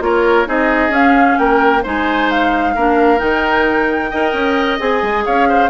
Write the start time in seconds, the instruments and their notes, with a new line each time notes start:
0.00 bassoon A#3, clarinet F4, oboe A#4, flute C#5
0.46 bassoon C4, clarinet D#4, oboe G#4, flute D#5
0.89 bassoon C#4, clarinet C#4, flute F5
1.38 bassoon A#3, oboe A#4, flute G5
1.83 bassoon G#3, clarinet D#4, oboe C5, flute G#5
2.30 flute F5
2.75 bassoon A#3, clarinet D4, oboe A#4
3.18 bassoon D#3, clarinet D#4, flute G5
4.11 bassoon D#4, clarinet A#4, oboe D#5
4.33 bassoon C#4
4.79 bassoon C4, clarinet G#4, flute G#5
5.02 bassoon G#3
5.25 bassoon C#4, oboe C#5, flute F5
5.49 oboe C5